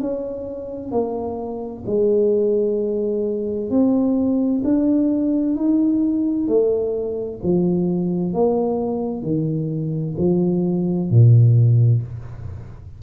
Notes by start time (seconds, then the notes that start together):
0.00 C#4
0.91 A#3
1.86 G#3
3.70 C4
4.64 D4
5.56 D#4
6.48 A3
7.43 F3
8.34 A#3
9.22 D#3
10.18 F3
11.10 A#2